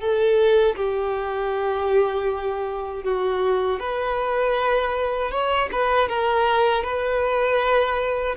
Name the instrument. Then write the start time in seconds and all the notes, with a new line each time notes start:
violin
0.00 A4
0.76 G4
3.04 F#4
3.80 B4
5.32 C#5
5.72 B4
6.09 A#4
6.84 B4